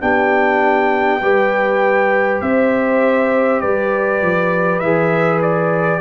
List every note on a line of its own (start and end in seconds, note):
0.00 1.21 B3
0.00 1.20 D4
0.00 1.22 G4
0.00 2.41 G5
1.21 2.41 G3
1.21 4.82 G4
1.21 2.42 B4
2.41 3.61 C4
2.41 3.61 C5
2.41 3.60 E5
3.60 4.21 G3
3.60 6.01 B4
3.60 4.79 D5
4.21 4.80 F3
4.79 6.00 E3
4.79 6.01 G#4
4.79 5.39 E5
5.41 6.01 D5